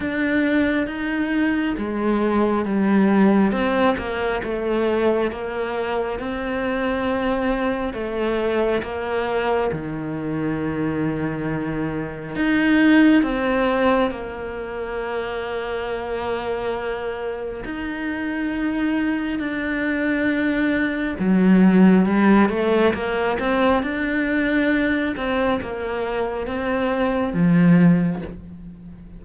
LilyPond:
\new Staff \with { instrumentName = "cello" } { \time 4/4 \tempo 4 = 68 d'4 dis'4 gis4 g4 | c'8 ais8 a4 ais4 c'4~ | c'4 a4 ais4 dis4~ | dis2 dis'4 c'4 |
ais1 | dis'2 d'2 | fis4 g8 a8 ais8 c'8 d'4~ | d'8 c'8 ais4 c'4 f4 | }